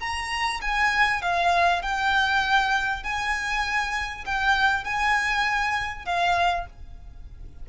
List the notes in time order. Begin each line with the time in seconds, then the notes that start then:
0.00 A#5
0.61 G#5
1.22 F5
1.82 G5
3.03 G#5
4.26 G5
4.84 G#5
6.06 F5